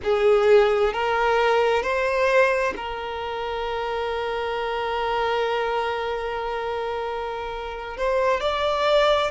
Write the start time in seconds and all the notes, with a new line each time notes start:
0.03 G#4
0.93 A#4
1.82 C5
2.76 A#4
7.97 C5
8.40 D5